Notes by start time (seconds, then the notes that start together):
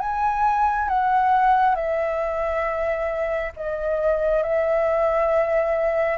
0.00 G#5
0.88 F#5
1.75 E5
3.56 D#5
4.43 E5